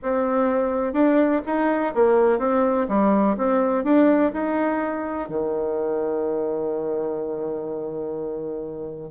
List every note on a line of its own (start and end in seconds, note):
0.02 0.93 C4
0.93 1.41 D4
1.46 1.94 D#4
1.94 2.38 A#3
2.38 2.86 C4
2.88 3.36 G3
3.37 3.84 C4
3.84 4.32 D4
4.32 5.28 D#4
5.28 9.11 D#3